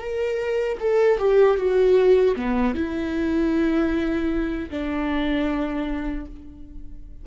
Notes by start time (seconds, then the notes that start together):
0.00 A#4
0.80 A4
1.18 G4
1.57 F#4
2.36 B3
2.75 E4
4.70 D4